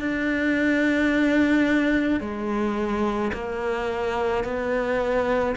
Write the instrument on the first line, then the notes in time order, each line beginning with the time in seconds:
cello
0.00 D4
2.21 G#3
3.33 A#3
4.44 B3